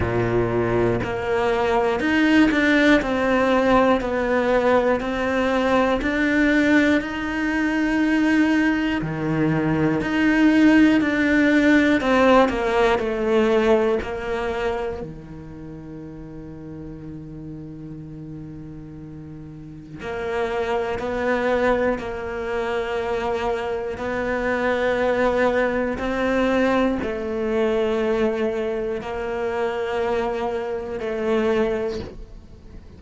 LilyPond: \new Staff \with { instrumentName = "cello" } { \time 4/4 \tempo 4 = 60 ais,4 ais4 dis'8 d'8 c'4 | b4 c'4 d'4 dis'4~ | dis'4 dis4 dis'4 d'4 | c'8 ais8 a4 ais4 dis4~ |
dis1 | ais4 b4 ais2 | b2 c'4 a4~ | a4 ais2 a4 | }